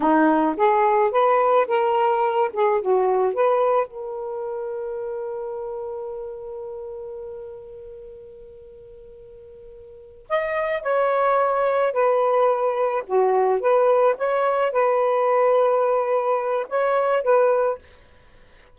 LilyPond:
\new Staff \with { instrumentName = "saxophone" } { \time 4/4 \tempo 4 = 108 dis'4 gis'4 b'4 ais'4~ | ais'8 gis'8 fis'4 b'4 ais'4~ | ais'1~ | ais'1~ |
ais'2~ ais'8 dis''4 cis''8~ | cis''4. b'2 fis'8~ | fis'8 b'4 cis''4 b'4.~ | b'2 cis''4 b'4 | }